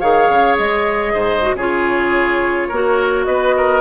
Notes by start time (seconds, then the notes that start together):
0.00 D#3 G#4 C#5 F5
0.30 C#3
0.58 G#3 D#5
1.14 G#2 C5
1.42 F#4
1.55 C#3 F4 G#4 C#5
2.69 A#3 F#4 A#4
3.25 B3 B4 D#5
3.57 A#4